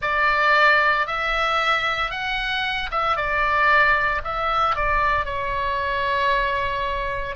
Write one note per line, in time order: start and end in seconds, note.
0.01 1.06 D5
1.07 2.11 E5
2.11 2.89 F#5
2.91 3.16 E5
3.16 4.21 D5
4.23 4.75 E5
4.75 5.25 D5
5.25 7.35 C#5